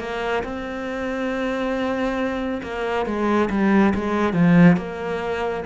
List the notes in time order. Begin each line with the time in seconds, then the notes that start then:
0.00 A#3
0.44 C4
2.63 A#3
3.06 G#3
3.51 G3
3.95 G#3
4.34 F3
4.77 A#3